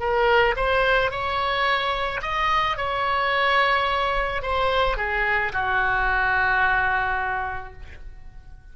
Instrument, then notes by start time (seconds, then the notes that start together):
oboe
0.00 A#4
0.56 C5
1.11 C#5
2.22 D#5
2.77 C#5
4.42 C5
4.97 G#4
5.53 F#4